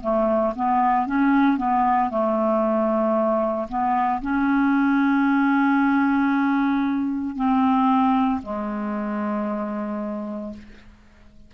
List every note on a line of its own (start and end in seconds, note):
0.00 0.53 A3
0.55 1.06 B3
1.06 1.57 C#4
1.57 2.10 B3
2.10 3.67 A3
3.68 4.21 B3
4.22 7.35 C#4
7.35 8.41 C4
8.42 10.53 G#3